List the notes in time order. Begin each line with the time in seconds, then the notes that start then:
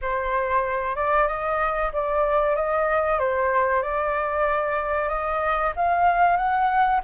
0.01 C5
0.95 D5
1.27 D#5
1.92 D5
2.55 D#5
3.19 C5
3.82 D5
5.08 D#5
5.76 F5
6.37 F#5